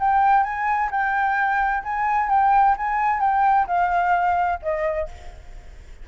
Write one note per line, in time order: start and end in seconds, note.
0.00 0.44 G5
0.44 0.90 G#5
0.91 1.84 G5
1.84 2.30 G#5
2.30 2.76 G5
2.77 3.21 G#5
3.21 3.67 G5
3.68 4.60 F5
4.62 5.09 D#5